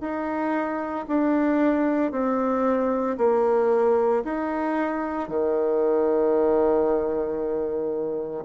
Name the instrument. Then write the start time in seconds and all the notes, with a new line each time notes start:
bassoon
0.00 D#4
1.08 D4
2.11 C4
3.17 A#3
4.24 D#4
5.28 D#3